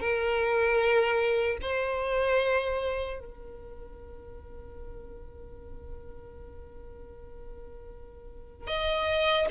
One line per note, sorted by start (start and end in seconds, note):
0.00 1.58 A#4
1.62 3.20 C5
3.20 8.67 A#4
8.67 9.46 D#5